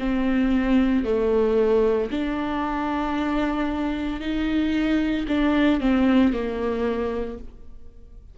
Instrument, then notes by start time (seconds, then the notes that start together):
viola
0.00 C4
1.05 A3
2.11 D4
4.21 D#4
5.28 D4
5.81 C4
6.33 A#3